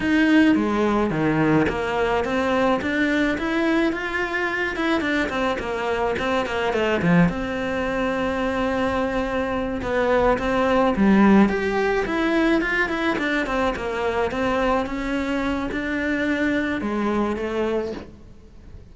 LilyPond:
\new Staff \with { instrumentName = "cello" } { \time 4/4 \tempo 4 = 107 dis'4 gis4 dis4 ais4 | c'4 d'4 e'4 f'4~ | f'8 e'8 d'8 c'8 ais4 c'8 ais8 | a8 f8 c'2.~ |
c'4. b4 c'4 g8~ | g8 g'4 e'4 f'8 e'8 d'8 | c'8 ais4 c'4 cis'4. | d'2 gis4 a4 | }